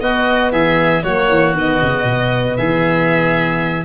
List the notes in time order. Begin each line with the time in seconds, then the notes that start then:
0.00 B3 F#4 D#5
0.51 E3 G#4 E5
1.02 F#3 A#3 F#4 C#5
1.29 E3
1.53 D#3 B3 D#5
1.82 C#3
2.04 B2
2.56 E3 G#4 E5